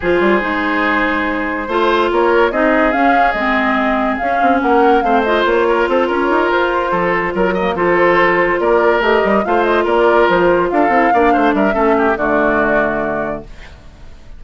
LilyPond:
<<
  \new Staff \with { instrumentName = "flute" } { \time 4/4 \tempo 4 = 143 c''1~ | c''4 cis''4 dis''4 f''4 | dis''2 f''4 fis''4 | f''8 dis''8 cis''4 c''8 cis''4 c''8~ |
c''4. ais'4 c''4.~ | c''8 d''4 dis''4 f''8 dis''8 d''8~ | d''8 c''4 f''2 e''8~ | e''4 d''2. | }
  \new Staff \with { instrumentName = "oboe" } { \time 4/4 gis'1 | c''4 ais'4 gis'2~ | gis'2. ais'4 | c''4. ais'8 a'8 ais'4.~ |
ais'8 a'4 ais'8 dis''8 a'4.~ | a'8 ais'2 c''4 ais'8~ | ais'4. a'4 d''8 c''8 ais'8 | a'8 g'8 fis'2. | }
  \new Staff \with { instrumentName = "clarinet" } { \time 4/4 f'4 dis'2. | f'2 dis'4 cis'4 | c'2 cis'2 | c'8 f'2.~ f'8~ |
f'2 ais8 f'4.~ | f'4. g'4 f'4.~ | f'2 e'8 d'4. | cis'4 a2. | }
  \new Staff \with { instrumentName = "bassoon" } { \time 4/4 f8 g8 gis2. | a4 ais4 c'4 cis'4 | gis2 cis'8 c'8 ais4 | a4 ais4 c'8 cis'8 dis'8 f'8~ |
f'8 f4 fis4 f4.~ | f8 ais4 a8 g8 a4 ais8~ | ais8 f4 d'8 c'8 ais8 a8 g8 | a4 d2. | }
>>